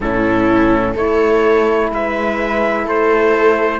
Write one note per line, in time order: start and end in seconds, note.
0.00 0.94 A2
0.00 0.96 C#4
0.00 0.92 E4
0.00 0.96 A4
0.92 1.91 A3
0.92 3.79 E4
0.92 1.87 A4
0.92 1.91 C#5
1.91 2.86 G#3
1.91 2.85 B4
1.91 2.88 E5
2.85 3.79 A3
2.85 3.79 A4
2.85 3.79 C5